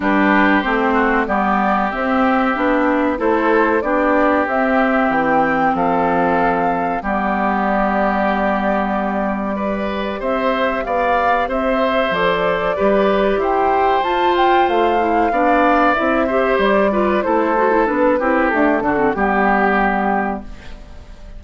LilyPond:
<<
  \new Staff \with { instrumentName = "flute" } { \time 4/4 \tempo 4 = 94 b'4 c''4 d''4 e''4~ | e''4 c''4 d''4 e''4 | g''4 f''2 d''4~ | d''1 |
e''4 f''4 e''4 d''4~ | d''4 g''4 a''8 g''8 f''4~ | f''4 e''4 d''4 c''4 | b'4 a'4 g'2 | }
  \new Staff \with { instrumentName = "oboe" } { \time 4/4 g'4. fis'8 g'2~ | g'4 a'4 g'2~ | g'4 a'2 g'4~ | g'2. b'4 |
c''4 d''4 c''2 | b'4 c''2. | d''4. c''4 b'8 a'4~ | a'8 g'4 fis'8 g'2 | }
  \new Staff \with { instrumentName = "clarinet" } { \time 4/4 d'4 c'4 b4 c'4 | d'4 e'4 d'4 c'4~ | c'2. b4~ | b2. g'4~ |
g'2. a'4 | g'2 f'4. e'8 | d'4 e'8 g'4 f'8 e'8 fis'16 e'16 | d'8 e'8 a8 d'16 c'16 b2 | }
  \new Staff \with { instrumentName = "bassoon" } { \time 4/4 g4 a4 g4 c'4 | b4 a4 b4 c'4 | e4 f2 g4~ | g1 |
c'4 b4 c'4 f4 | g4 e'4 f'4 a4 | b4 c'4 g4 a4 | b8 c'8 d'8 d8 g2 | }
>>